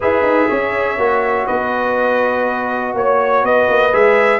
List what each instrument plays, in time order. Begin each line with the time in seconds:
0.00 tuba E4, trombone G#4, horn B4, trumpet E5
0.21 tuba D#4
0.48 tuba C#4, horn C#5
0.97 tuba A#3, trombone F#4
1.46 tuba B3, horn B4, trumpet D#5
2.94 tuba A#3, horn C#5, trumpet C#5
3.42 tuba B3, horn B4, trumpet D#5
3.68 tuba A#3
3.92 tuba G#3, trombone G#4, trumpet E5